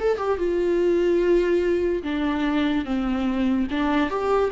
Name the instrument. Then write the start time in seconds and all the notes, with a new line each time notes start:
viola
0.00 A4
0.18 G4
0.38 F4
2.03 D4
2.85 C4
3.71 D4
4.09 G4